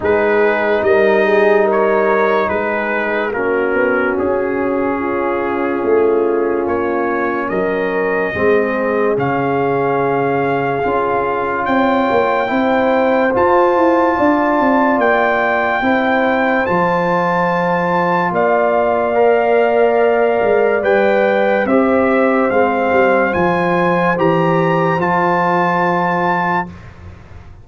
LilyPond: <<
  \new Staff \with { instrumentName = "trumpet" } { \time 4/4 \tempo 4 = 72 b'4 dis''4 cis''4 b'4 | ais'4 gis'2. | cis''4 dis''2 f''4~ | f''2 g''2 |
a''2 g''2 | a''2 f''2~ | f''4 g''4 e''4 f''4 | gis''4 ais''4 a''2 | }
  \new Staff \with { instrumentName = "horn" } { \time 4/4 gis'4 ais'8 gis'8 ais'4 gis'4 | fis'2 f'2~ | f'4 ais'4 gis'2~ | gis'2 cis''4 c''4~ |
c''4 d''2 c''4~ | c''2 d''2~ | d''2 c''2~ | c''1 | }
  \new Staff \with { instrumentName = "trombone" } { \time 4/4 dis'1 | cis'1~ | cis'2 c'4 cis'4~ | cis'4 f'2 e'4 |
f'2. e'4 | f'2. ais'4~ | ais'4 b'4 g'4 c'4 | f'4 g'4 f'2 | }
  \new Staff \with { instrumentName = "tuba" } { \time 4/4 gis4 g2 gis4 | ais8 b8 cis'2 a4 | ais4 fis4 gis4 cis4~ | cis4 cis'4 c'8 ais8 c'4 |
f'8 e'8 d'8 c'8 ais4 c'4 | f2 ais2~ | ais8 gis8 g4 c'4 gis8 g8 | f4 e4 f2 | }
>>